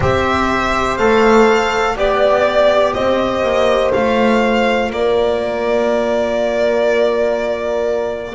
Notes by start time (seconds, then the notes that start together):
0.00 C4 G4 C5 E5
0.97 A3 A4 F5
1.96 B3 G4 D5
2.93 C4 C5 D#5
3.42 A#3
3.93 A3 F4 F5
4.90 A#3 A#4 D5